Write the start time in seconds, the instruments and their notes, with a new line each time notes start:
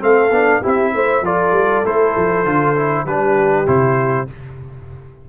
0.00 tuba A3, trombone C4, horn A4, trumpet F5
0.31 tuba B3, trombone D4
0.62 tuba C4, trombone E4, horn G4, trumpet E5
0.95 tuba A3, horn C5
1.22 tuba F3, trombone F4, horn A4, trumpet D5
1.52 tuba G3
1.85 tuba A3, trombone E4, trumpet C5
2.17 tuba F3
2.45 tuba D3, trombone F4
2.77 trombone E4
3.05 tuba G3, trombone D4, horn G4, trumpet B4
3.67 tuba C3, trombone E4, trumpet C5